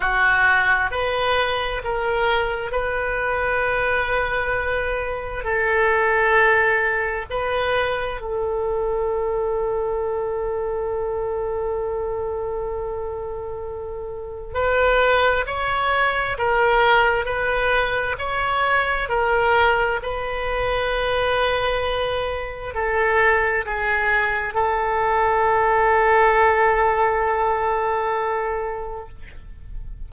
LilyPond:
\new Staff \with { instrumentName = "oboe" } { \time 4/4 \tempo 4 = 66 fis'4 b'4 ais'4 b'4~ | b'2 a'2 | b'4 a'2.~ | a'1 |
b'4 cis''4 ais'4 b'4 | cis''4 ais'4 b'2~ | b'4 a'4 gis'4 a'4~ | a'1 | }